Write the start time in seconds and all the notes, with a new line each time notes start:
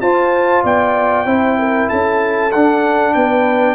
0.00 F4 C5 A5
0.64 B3 D5 G5
1.25 C4 E4 C5
1.58 A#4
1.89 C#4 A4 A5
2.51 D4 F#5
3.14 B3 B4 G5